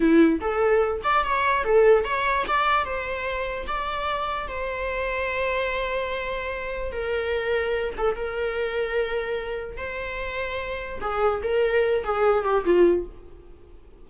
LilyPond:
\new Staff \with { instrumentName = "viola" } { \time 4/4 \tempo 4 = 147 e'4 a'4. d''8 cis''4 | a'4 cis''4 d''4 c''4~ | c''4 d''2 c''4~ | c''1~ |
c''4 ais'2~ ais'8 a'8 | ais'1 | c''2. gis'4 | ais'4. gis'4 g'8 f'4 | }